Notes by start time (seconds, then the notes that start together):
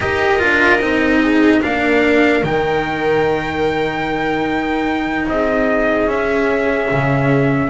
0.00 D#4 G4 A#4 D#5
0.38 D4 F4
0.80 C4 D#4
1.21 G#4
1.60 A#3 D4 A#4 F5
2.43 D#3 D#4 G5
5.27 C4 G#4 D#5
6.06 C#4 E5
6.90 C#3